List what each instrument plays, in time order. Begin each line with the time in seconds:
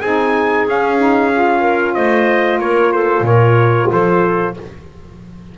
0.00 double bass C4, saxophone D#4, clarinet G#4, trumpet G#5
0.67 double bass C#4, saxophone C#4, trumpet F5
0.99 saxophone D#4
1.33 saxophone F4
1.60 clarinet A#4
1.95 double bass A3, clarinet C5, trumpet D#5
2.58 double bass A#3, clarinet A#4, trumpet C#5
2.92 clarinet A4, trumpet C5
3.21 double bass A#2, clarinet A#4, trumpet C#5
3.90 double bass F3, clarinet A4, trumpet C5